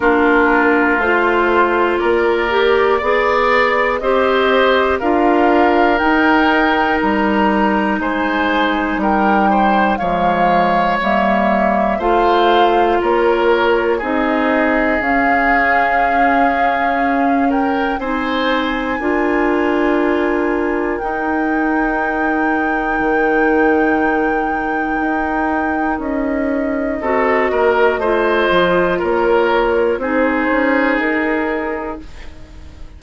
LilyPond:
<<
  \new Staff \with { instrumentName = "flute" } { \time 4/4 \tempo 4 = 60 ais'4 c''4 d''2 | dis''4 f''4 g''4 ais''4 | gis''4 g''4 f''4 e''4 | f''4 cis''4 dis''4 f''4~ |
f''4. g''8 gis''2~ | gis''4 g''2.~ | g''2 dis''2~ | dis''4 cis''4 c''4 ais'4 | }
  \new Staff \with { instrumentName = "oboe" } { \time 4/4 f'2 ais'4 d''4 | c''4 ais'2. | c''4 ais'8 c''8 cis''2 | c''4 ais'4 gis'2~ |
gis'4. ais'8 c''4 ais'4~ | ais'1~ | ais'2. a'8 ais'8 | c''4 ais'4 gis'2 | }
  \new Staff \with { instrumentName = "clarinet" } { \time 4/4 d'4 f'4. g'8 gis'4 | g'4 f'4 dis'2~ | dis'2 gis4 ais4 | f'2 dis'4 cis'4~ |
cis'2 dis'4 f'4~ | f'4 dis'2.~ | dis'2. fis'4 | f'2 dis'2 | }
  \new Staff \with { instrumentName = "bassoon" } { \time 4/4 ais4 a4 ais4 b4 | c'4 d'4 dis'4 g4 | gis4 g4 f4 g4 | a4 ais4 c'4 cis'4~ |
cis'2 c'4 d'4~ | d'4 dis'2 dis4~ | dis4 dis'4 cis'4 c'8 ais8 | a8 f8 ais4 c'8 cis'8 dis'4 | }
>>